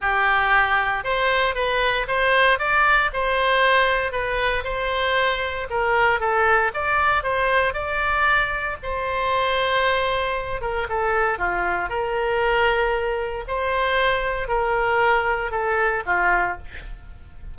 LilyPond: \new Staff \with { instrumentName = "oboe" } { \time 4/4 \tempo 4 = 116 g'2 c''4 b'4 | c''4 d''4 c''2 | b'4 c''2 ais'4 | a'4 d''4 c''4 d''4~ |
d''4 c''2.~ | c''8 ais'8 a'4 f'4 ais'4~ | ais'2 c''2 | ais'2 a'4 f'4 | }